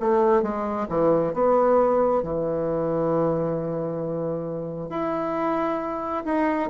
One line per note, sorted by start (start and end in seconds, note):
0.00 0.43 A3
0.43 0.88 G#3
0.89 1.34 E3
1.34 2.23 B3
2.23 4.90 E3
4.90 6.24 E4
6.25 6.70 D#4